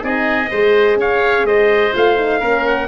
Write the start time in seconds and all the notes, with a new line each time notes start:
0.00 C4 D#4 G#4 D#5
0.50 G#3 G#4 C5
0.96 C#4 C#5 F5
1.44 G#3 C5 D#5
1.93 A3 F4 F5
2.17 D#4
2.40 A#3 C#4 A#4
2.67 F#5